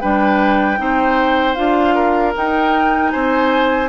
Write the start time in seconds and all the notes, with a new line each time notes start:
0.00 G3 D4 B4 G5
0.77 C4 D#4 C5
1.55 D4 F4 F5
1.95 A#4
2.35 D#4 G5
3.11 C4 C5 G#5